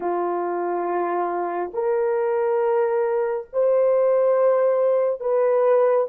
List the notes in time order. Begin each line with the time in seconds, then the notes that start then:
0.00 F4
1.73 A#4
3.52 C5
5.20 B4